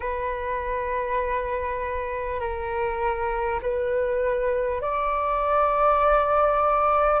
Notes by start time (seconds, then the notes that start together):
0.00 B4
2.39 A#4
3.62 B4
4.81 D5